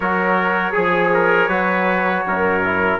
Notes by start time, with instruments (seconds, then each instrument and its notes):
0.00 bassoon F#3, trombone F#4, trumpet A#4 C#5
0.72 bassoon F3, trumpet G#4, trombone G#4
1.14 trumpet A#4
1.48 bassoon F#3, trombone F#4, trumpet B4
2.25 bassoon F#2, trumpet A#4
2.64 trombone E4